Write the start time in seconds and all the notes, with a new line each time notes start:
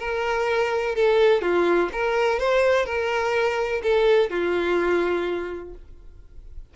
0.00 A#4
0.96 A4
1.42 F4
1.93 A#4
2.40 C5
2.86 A#4
3.83 A4
4.31 F4